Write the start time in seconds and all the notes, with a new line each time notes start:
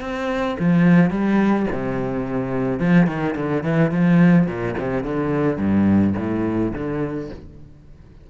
0.00 C4
0.59 F3
1.10 G3
1.72 C3
2.79 F3
3.06 D#3
3.35 D3
3.63 E3
3.91 F3
4.46 A#2
4.78 C3
5.03 D3
5.57 G2
6.17 A2
6.73 D3